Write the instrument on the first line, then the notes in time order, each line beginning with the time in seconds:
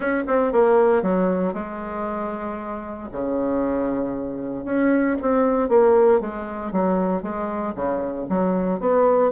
bassoon
0.00 C#4
0.27 C4
0.52 A#3
1.02 F#3
1.53 G#3
3.12 C#3
4.64 C#4
5.21 C4
5.68 A#3
6.20 G#3
6.71 F#3
7.22 G#3
7.75 C#3
8.29 F#3
8.80 B3